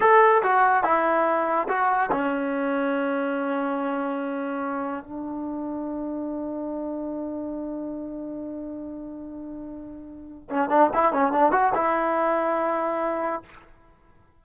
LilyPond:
\new Staff \with { instrumentName = "trombone" } { \time 4/4 \tempo 4 = 143 a'4 fis'4 e'2 | fis'4 cis'2.~ | cis'1 | d'1~ |
d'1~ | d'1~ | d'4 cis'8 d'8 e'8 cis'8 d'8 fis'8 | e'1 | }